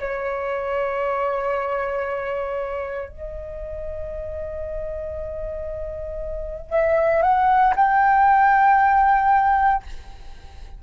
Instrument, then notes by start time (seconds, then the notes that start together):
flute
0.00 C#5
3.09 D#5
6.71 E5
7.23 F#5
7.76 G5